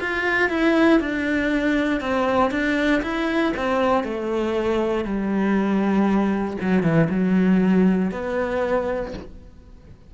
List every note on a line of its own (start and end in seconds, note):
0.00 0.49 F4
0.49 1.00 E4
1.00 2.00 D4
2.00 2.51 C4
2.51 3.02 D4
3.02 3.53 E4
3.56 4.04 C4
4.04 5.04 A3
5.04 6.57 G3
6.61 6.83 F#3
6.83 7.08 E3
7.10 8.11 F#3
8.11 9.13 B3